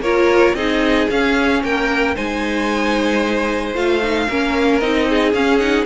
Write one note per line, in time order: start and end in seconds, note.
0.00 0.53 A#3
0.00 0.57 F4
0.00 0.56 A#4
0.00 0.55 C#5
0.55 1.08 C4
0.55 1.11 D#4
0.55 1.63 G#4
0.55 1.09 D#5
1.11 1.63 C#4
1.11 2.16 C#4
1.11 1.64 F5
1.63 2.17 A#3
1.63 2.15 A#4
1.63 2.17 G5
2.15 3.75 G#3
2.15 3.75 D#4
2.15 4.28 C5
2.15 3.76 G#5
3.75 4.28 A3
3.75 4.01 F4
3.75 4.80 F5
4.03 4.29 D#4
4.29 4.82 A#3
4.29 4.82 C#4
4.29 5.08 A#4
4.80 5.34 C4
4.80 5.35 D#4
4.80 5.33 D#5
5.10 5.86 G#4
5.34 5.86 C#4
5.34 5.61 C#4
5.34 5.59 F5
5.59 5.86 D#4
5.59 5.85 F#5